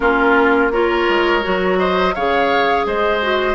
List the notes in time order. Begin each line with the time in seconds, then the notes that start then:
0.00 A#3 C#4 F4 A#4
0.71 F4 A#4 C#5
1.08 G#3
1.42 F#3 F#4
1.78 C5 D#5
2.14 C#3 G#4 C#5 F5
2.86 G#3 C5 D#5
3.21 F#4